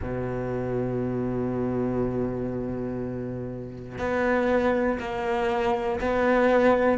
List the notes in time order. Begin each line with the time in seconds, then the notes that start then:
0.01 B2
3.98 B3
5.00 A#3
6.00 B3